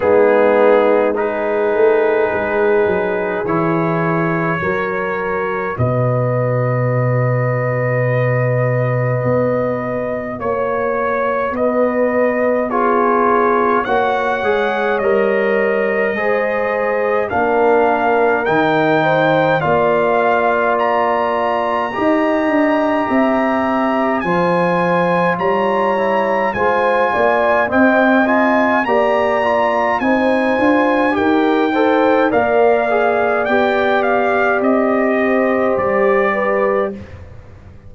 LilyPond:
<<
  \new Staff \with { instrumentName = "trumpet" } { \time 4/4 \tempo 4 = 52 gis'4 b'2 cis''4~ | cis''4 dis''2.~ | dis''4 cis''4 dis''4 cis''4 | fis''4 dis''2 f''4 |
g''4 f''4 ais''2~ | ais''4 gis''4 ais''4 gis''4 | g''8 gis''8 ais''4 gis''4 g''4 | f''4 g''8 f''8 dis''4 d''4 | }
  \new Staff \with { instrumentName = "horn" } { \time 4/4 dis'4 gis'2. | ais'4 b'2.~ | b'4 cis''4 b'4 gis'4 | cis''2 c''4 ais'4~ |
ais'8 c''8 d''2 dis''4 | e''4 c''4 cis''4 c''8 d''8 | dis''4 d''4 c''4 ais'8 c''8 | d''2~ d''8 c''4 b'8 | }
  \new Staff \with { instrumentName = "trombone" } { \time 4/4 b4 dis'2 e'4 | fis'1~ | fis'2. f'4 | fis'8 gis'8 ais'4 gis'4 d'4 |
dis'4 f'2 g'4~ | g'4 f'4. e'8 f'4 | c'8 f'8 g'8 f'8 dis'8 f'8 g'8 a'8 | ais'8 gis'8 g'2. | }
  \new Staff \with { instrumentName = "tuba" } { \time 4/4 gis4. a8 gis8 fis8 e4 | fis4 b,2. | b4 ais4 b2 | ais8 gis8 g4 gis4 ais4 |
dis4 ais2 dis'8 d'8 | c'4 f4 g4 gis8 ais8 | c'4 ais4 c'8 d'8 dis'4 | ais4 b4 c'4 g4 | }
>>